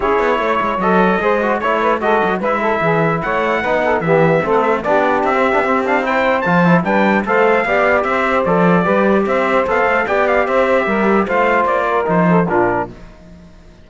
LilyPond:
<<
  \new Staff \with { instrumentName = "trumpet" } { \time 4/4 \tempo 4 = 149 cis''2 dis''2 | cis''4 dis''4 e''2 | fis''2 e''4~ e''16 fis''16 e''8 | d''4 e''4. f''8 g''4 |
a''4 g''4 f''2 | e''4 d''2 e''4 | f''4 g''8 f''8 e''2 | f''4 d''4 c''4 ais'4 | }
  \new Staff \with { instrumentName = "saxophone" } { \time 4/4 gis'4 cis''2 c''4 | cis''8 b'8 a'4 b'8 a'8 gis'4 | cis''4 b'8 a'8 g'4 a'4 | g'2. c''4~ |
c''4 b'4 c''4 d''4 | c''2 b'4 c''4~ | c''4 d''4 c''4 ais'4 | c''4. ais'4 a'8 f'4 | }
  \new Staff \with { instrumentName = "trombone" } { \time 4/4 e'2 a'4 gis'8 fis'8 | e'4 fis'4 e'2~ | e'4 dis'4 b4 c'4 | d'4~ d'16 c'8 d'16 c'8 d'8 e'4 |
f'8 e'8 d'4 a'4 g'4~ | g'4 a'4 g'2 | a'4 g'2. | f'2 dis'4 d'4 | }
  \new Staff \with { instrumentName = "cello" } { \time 4/4 cis'8 b8 a8 gis8 fis4 gis4 | a4 gis8 fis8 gis4 e4 | a4 b4 e4 a4 | b4 c'8. b16 c'2 |
f4 g4 a4 b4 | c'4 f4 g4 c'4 | b8 a8 b4 c'4 g4 | a4 ais4 f4 ais,4 | }
>>